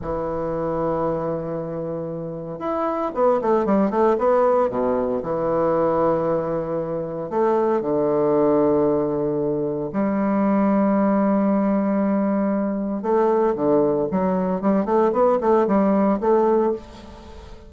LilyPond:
\new Staff \with { instrumentName = "bassoon" } { \time 4/4 \tempo 4 = 115 e1~ | e4 e'4 b8 a8 g8 a8 | b4 b,4 e2~ | e2 a4 d4~ |
d2. g4~ | g1~ | g4 a4 d4 fis4 | g8 a8 b8 a8 g4 a4 | }